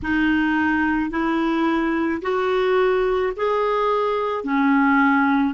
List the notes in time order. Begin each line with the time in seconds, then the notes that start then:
0.02 D#4
1.10 E4
2.22 F#4
3.36 G#4
4.44 C#4